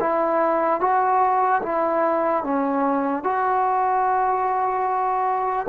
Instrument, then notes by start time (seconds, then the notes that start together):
trombone
0.00 E4
0.80 F#4
1.63 E4
2.44 C#4
3.24 F#4